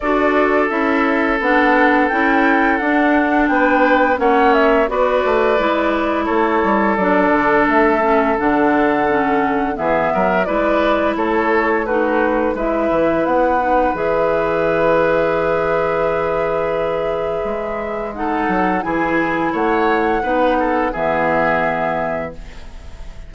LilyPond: <<
  \new Staff \with { instrumentName = "flute" } { \time 4/4 \tempo 4 = 86 d''4 e''4 fis''4 g''4 | fis''4 g''4 fis''8 e''8 d''4~ | d''4 cis''4 d''4 e''4 | fis''2 e''4 d''4 |
cis''4 b'4 e''4 fis''4 | e''1~ | e''2 fis''4 gis''4 | fis''2 e''2 | }
  \new Staff \with { instrumentName = "oboe" } { \time 4/4 a'1~ | a'4 b'4 cis''4 b'4~ | b'4 a'2.~ | a'2 gis'8 ais'8 b'4 |
a'4 fis'4 b'2~ | b'1~ | b'2 a'4 gis'4 | cis''4 b'8 a'8 gis'2 | }
  \new Staff \with { instrumentName = "clarinet" } { \time 4/4 fis'4 e'4 d'4 e'4 | d'2 cis'4 fis'4 | e'2 d'4. cis'8 | d'4 cis'4 b4 e'4~ |
e'4 dis'4 e'4. dis'8 | gis'1~ | gis'2 dis'4 e'4~ | e'4 dis'4 b2 | }
  \new Staff \with { instrumentName = "bassoon" } { \time 4/4 d'4 cis'4 b4 cis'4 | d'4 b4 ais4 b8 a8 | gis4 a8 g8 fis8 d8 a4 | d2 e8 fis8 gis4 |
a2 gis8 e8 b4 | e1~ | e4 gis4. fis8 e4 | a4 b4 e2 | }
>>